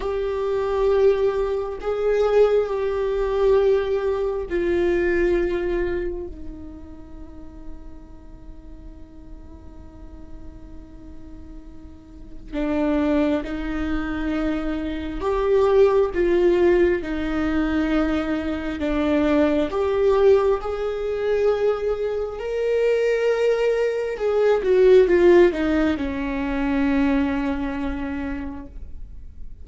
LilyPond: \new Staff \with { instrumentName = "viola" } { \time 4/4 \tempo 4 = 67 g'2 gis'4 g'4~ | g'4 f'2 dis'4~ | dis'1~ | dis'2 d'4 dis'4~ |
dis'4 g'4 f'4 dis'4~ | dis'4 d'4 g'4 gis'4~ | gis'4 ais'2 gis'8 fis'8 | f'8 dis'8 cis'2. | }